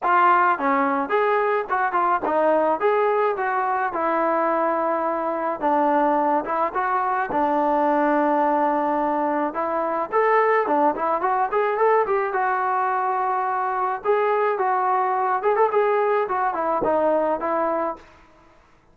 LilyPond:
\new Staff \with { instrumentName = "trombone" } { \time 4/4 \tempo 4 = 107 f'4 cis'4 gis'4 fis'8 f'8 | dis'4 gis'4 fis'4 e'4~ | e'2 d'4. e'8 | fis'4 d'2.~ |
d'4 e'4 a'4 d'8 e'8 | fis'8 gis'8 a'8 g'8 fis'2~ | fis'4 gis'4 fis'4. gis'16 a'16 | gis'4 fis'8 e'8 dis'4 e'4 | }